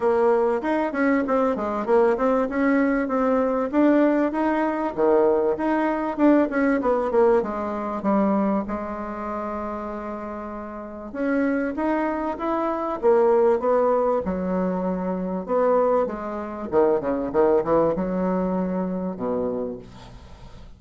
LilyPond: \new Staff \with { instrumentName = "bassoon" } { \time 4/4 \tempo 4 = 97 ais4 dis'8 cis'8 c'8 gis8 ais8 c'8 | cis'4 c'4 d'4 dis'4 | dis4 dis'4 d'8 cis'8 b8 ais8 | gis4 g4 gis2~ |
gis2 cis'4 dis'4 | e'4 ais4 b4 fis4~ | fis4 b4 gis4 dis8 cis8 | dis8 e8 fis2 b,4 | }